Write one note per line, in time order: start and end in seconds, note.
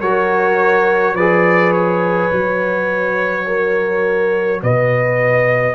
0.00 1.13 F#3
0.00 1.16 F#4
0.00 1.15 A#4
0.00 1.15 C#5
1.13 2.29 F3
1.13 2.31 G#4
1.13 3.45 B4
1.13 1.72 D5
1.72 4.60 C#5
2.31 4.62 F#3
2.31 5.75 F#4
3.46 4.62 A#4
4.62 5.75 B2
4.62 5.75 B4
4.62 5.75 D#5